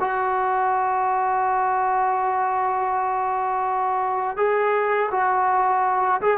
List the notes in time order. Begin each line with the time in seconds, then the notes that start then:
0.00 F#4
4.37 G#4
5.11 F#4
6.21 G#4